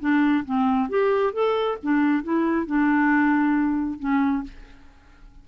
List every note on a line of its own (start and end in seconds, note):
0.00 0.44 D4
0.45 0.89 C4
0.89 1.33 G4
1.33 1.78 A4
1.82 2.23 D4
2.23 2.66 E4
2.66 3.99 D4
3.99 4.43 C#4